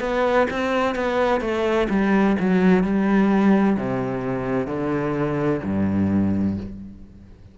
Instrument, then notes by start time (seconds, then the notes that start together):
cello
0.00 B3
0.50 C4
0.95 B3
1.41 A3
1.90 G3
2.39 F#3
2.83 G3
3.77 C3
4.67 D3
5.63 G2